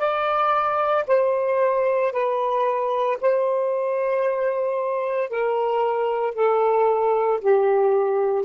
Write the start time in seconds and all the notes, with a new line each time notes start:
0.00 D5
1.08 C5
2.13 B4
3.22 C5
5.30 A#4
6.35 A4
7.41 G4